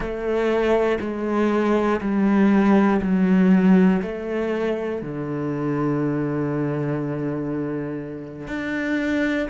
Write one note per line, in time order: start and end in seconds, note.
0.00 0.98 A3
1.00 2.00 G#3
2.00 3.00 G3
3.01 4.01 F#3
4.02 5.02 A3
5.02 8.47 D3
8.47 9.47 D4